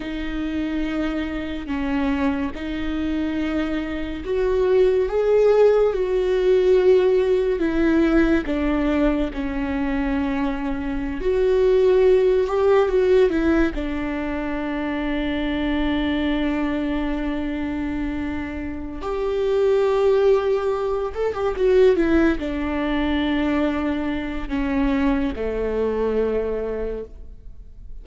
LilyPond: \new Staff \with { instrumentName = "viola" } { \time 4/4 \tempo 4 = 71 dis'2 cis'4 dis'4~ | dis'4 fis'4 gis'4 fis'4~ | fis'4 e'4 d'4 cis'4~ | cis'4~ cis'16 fis'4. g'8 fis'8 e'16~ |
e'16 d'2.~ d'8.~ | d'2~ d'8 g'4.~ | g'4 a'16 g'16 fis'8 e'8 d'4.~ | d'4 cis'4 a2 | }